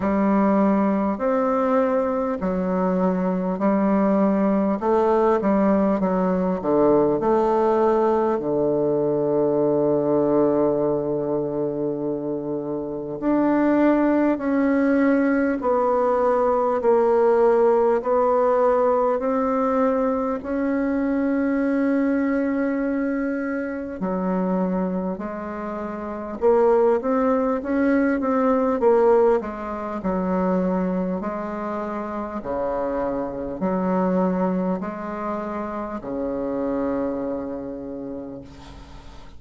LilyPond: \new Staff \with { instrumentName = "bassoon" } { \time 4/4 \tempo 4 = 50 g4 c'4 fis4 g4 | a8 g8 fis8 d8 a4 d4~ | d2. d'4 | cis'4 b4 ais4 b4 |
c'4 cis'2. | fis4 gis4 ais8 c'8 cis'8 c'8 | ais8 gis8 fis4 gis4 cis4 | fis4 gis4 cis2 | }